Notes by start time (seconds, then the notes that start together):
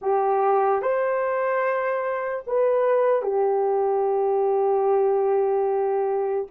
0.01 G4
0.81 C5
2.47 B4
3.22 G4